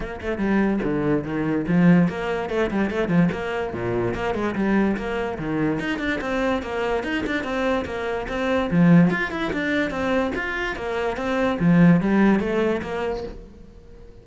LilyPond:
\new Staff \with { instrumentName = "cello" } { \time 4/4 \tempo 4 = 145 ais8 a8 g4 d4 dis4 | f4 ais4 a8 g8 a8 f8 | ais4 ais,4 ais8 gis8 g4 | ais4 dis4 dis'8 d'8 c'4 |
ais4 dis'8 d'8 c'4 ais4 | c'4 f4 f'8 e'8 d'4 | c'4 f'4 ais4 c'4 | f4 g4 a4 ais4 | }